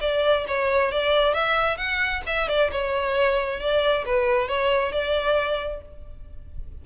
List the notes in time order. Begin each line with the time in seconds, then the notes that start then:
0.00 D5
0.47 C#5
0.91 D5
1.34 E5
1.77 F#5
2.26 E5
2.48 D5
2.71 C#5
3.60 D5
4.05 B4
4.48 C#5
4.92 D5